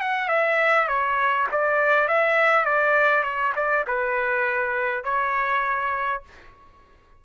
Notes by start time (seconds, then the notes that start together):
0.00 F#5
0.28 E5
0.88 C#5
1.51 D5
2.08 E5
2.65 D5
3.23 C#5
3.56 D5
3.87 B4
5.04 C#5